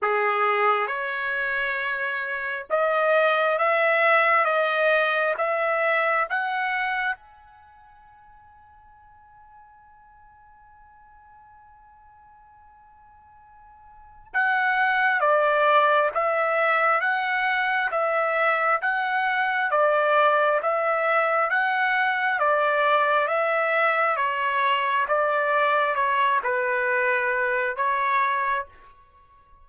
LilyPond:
\new Staff \with { instrumentName = "trumpet" } { \time 4/4 \tempo 4 = 67 gis'4 cis''2 dis''4 | e''4 dis''4 e''4 fis''4 | gis''1~ | gis''1 |
fis''4 d''4 e''4 fis''4 | e''4 fis''4 d''4 e''4 | fis''4 d''4 e''4 cis''4 | d''4 cis''8 b'4. cis''4 | }